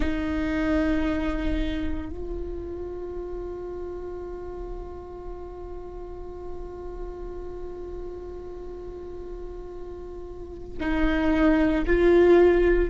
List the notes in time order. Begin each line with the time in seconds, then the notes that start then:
0.00 D#4
2.10 F4
10.79 D#4
11.86 F4